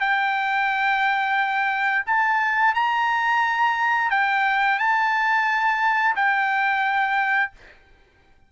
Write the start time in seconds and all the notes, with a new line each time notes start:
0.00 G5
2.06 A5
2.75 A#5
4.11 G5
4.79 A5
6.15 G5